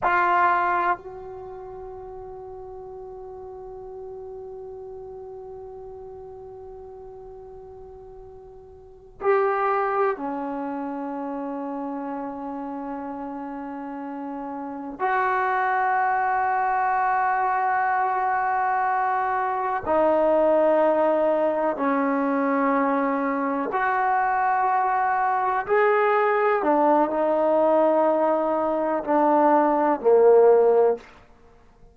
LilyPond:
\new Staff \with { instrumentName = "trombone" } { \time 4/4 \tempo 4 = 62 f'4 fis'2.~ | fis'1~ | fis'4. g'4 cis'4.~ | cis'2.~ cis'8 fis'8~ |
fis'1~ | fis'8 dis'2 cis'4.~ | cis'8 fis'2 gis'4 d'8 | dis'2 d'4 ais4 | }